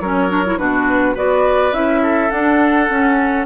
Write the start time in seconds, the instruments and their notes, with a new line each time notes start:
0.00 bassoon F#3, clarinet C#4, oboe A#4, flute C#5
0.29 clarinet D4
0.45 clarinet E4
0.57 bassoon B2, clarinet D4, oboe F#4, flute B4
1.14 bassoon B3, clarinet F#4, oboe B4, flute D5
1.72 bassoon C#4, clarinet E4, flute E5
2.02 oboe A4
2.30 clarinet D4, bassoon D4, flute F#5
2.89 bassoon C#4, clarinet C#4